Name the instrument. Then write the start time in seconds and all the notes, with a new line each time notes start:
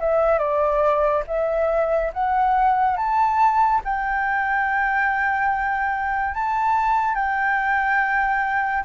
flute
0.00 E5
0.39 D5
1.28 E5
2.13 F#5
2.97 A5
3.85 G5
6.35 A5
7.15 G5